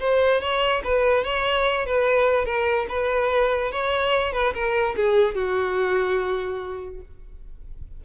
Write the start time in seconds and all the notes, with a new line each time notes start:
0.00 C5
0.41 C#5
0.84 B4
1.24 C#5
1.87 B4
2.45 A#4
2.89 B4
3.72 C#5
4.33 B4
4.54 A#4
4.96 G#4
5.35 F#4